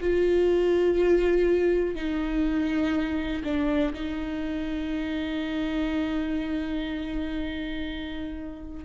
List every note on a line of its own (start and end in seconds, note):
0.00 1.95 F4
1.95 3.42 D#4
3.44 3.93 D4
3.93 8.84 D#4